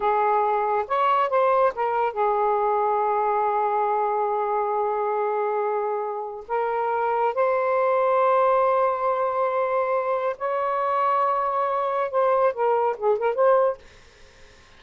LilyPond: \new Staff \with { instrumentName = "saxophone" } { \time 4/4 \tempo 4 = 139 gis'2 cis''4 c''4 | ais'4 gis'2.~ | gis'1~ | gis'2. ais'4~ |
ais'4 c''2.~ | c''1 | cis''1 | c''4 ais'4 gis'8 ais'8 c''4 | }